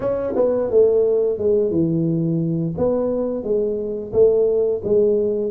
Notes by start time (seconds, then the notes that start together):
0.00 C#4
0.35 B3
0.70 A3
1.38 G#3
1.71 E3
2.77 B3
3.43 G#3
4.12 A3
4.84 G#3